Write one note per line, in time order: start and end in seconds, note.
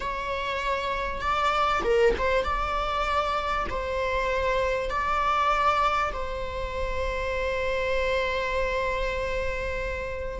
0.00 1.21 C#5
1.21 1.82 D5
1.83 2.14 A#4
2.18 2.44 C5
2.44 3.66 D5
3.69 4.90 C5
4.90 6.12 D5
6.12 10.40 C5